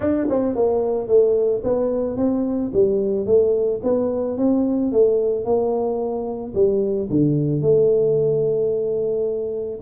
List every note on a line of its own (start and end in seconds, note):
0.00 0.27 D4
0.29 0.55 C4
0.55 1.07 A#3
1.07 1.62 A3
1.63 2.17 B3
2.17 2.71 C4
2.73 3.26 G3
3.26 3.80 A3
3.83 4.37 B3
4.37 4.92 C4
4.92 5.44 A3
5.44 6.53 A#3
6.54 7.08 G3
7.09 7.61 D3
7.61 9.80 A3